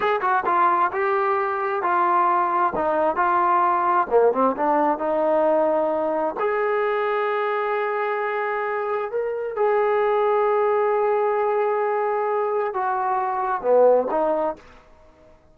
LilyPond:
\new Staff \with { instrumentName = "trombone" } { \time 4/4 \tempo 4 = 132 gis'8 fis'8 f'4 g'2 | f'2 dis'4 f'4~ | f'4 ais8 c'8 d'4 dis'4~ | dis'2 gis'2~ |
gis'1 | ais'4 gis'2.~ | gis'1 | fis'2 b4 dis'4 | }